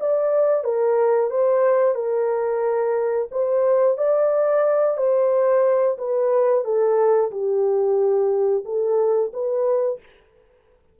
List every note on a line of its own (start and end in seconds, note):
0.00 0.64 D5
0.64 1.31 A#4
1.31 1.95 C5
1.95 3.28 A#4
3.32 3.98 C5
3.98 4.97 D5
4.97 5.97 C5
5.98 6.65 B4
6.65 7.31 A4
7.31 8.65 G4
8.65 9.32 A4
9.33 10.00 B4